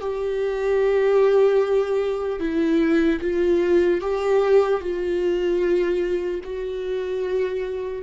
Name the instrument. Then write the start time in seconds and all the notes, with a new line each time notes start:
viola
0.00 G4
2.40 E4
3.21 F4
4.01 G4
4.81 F4
6.44 F#4